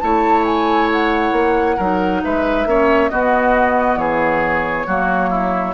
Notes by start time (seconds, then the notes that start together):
0.00 A3 E4 C#5 A5
0.45 G#5
0.92 F#5
1.32 A#3
1.76 F#3 D#4 A#4
2.24 G#3 B4 E5
2.65 A#3 C#4 C#5
3.09 B3 F#4 D#5
3.96 E3 G#4 C#5
4.86 F#3 A#3 F#4
5.30 E4